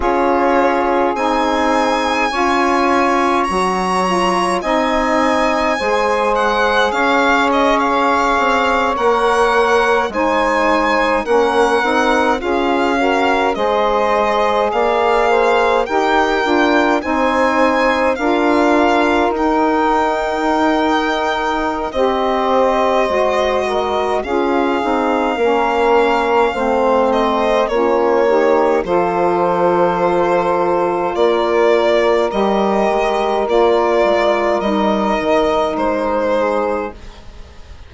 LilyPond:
<<
  \new Staff \with { instrumentName = "violin" } { \time 4/4 \tempo 4 = 52 cis''4 gis''2 ais''4 | gis''4. fis''8 f''8 dis''16 f''4 fis''16~ | fis''8. gis''4 fis''4 f''4 dis''16~ | dis''8. f''4 g''4 gis''4 f''16~ |
f''8. g''2~ g''16 dis''4~ | dis''4 f''2~ f''8 dis''8 | cis''4 c''2 d''4 | dis''4 d''4 dis''4 c''4 | }
  \new Staff \with { instrumentName = "saxophone" } { \time 4/4 gis'2 cis''2 | dis''4 c''4 cis''2~ | cis''8. c''4 ais'4 gis'8 ais'8 c''16~ | c''8. d''8 c''8 ais'4 c''4 ais'16~ |
ais'2. c''4~ | c''8 ais'8 gis'4 ais'4 c''4 | f'8 g'8 a'2 ais'4~ | ais'2.~ ais'8 gis'8 | }
  \new Staff \with { instrumentName = "saxophone" } { \time 4/4 f'4 dis'4 f'4 fis'8 f'8 | dis'4 gis'2~ gis'8. ais'16~ | ais'8. dis'4 cis'8 dis'8 f'8 fis'8 gis'16~ | gis'4.~ gis'16 g'8 f'8 dis'4 f'16~ |
f'8. dis'2~ dis'16 g'4 | fis'4 f'8 dis'8 cis'4 c'4 | cis'8 dis'8 f'2. | g'4 f'4 dis'2 | }
  \new Staff \with { instrumentName = "bassoon" } { \time 4/4 cis'4 c'4 cis'4 fis4 | c'4 gis4 cis'4~ cis'16 c'8 ais16~ | ais8. gis4 ais8 c'8 cis'4 gis16~ | gis8. ais4 dis'8 d'8 c'4 d'16~ |
d'8. dis'2~ dis'16 c'4 | gis4 cis'8 c'8 ais4 a4 | ais4 f2 ais4 | g8 gis8 ais8 gis8 g8 dis8 gis4 | }
>>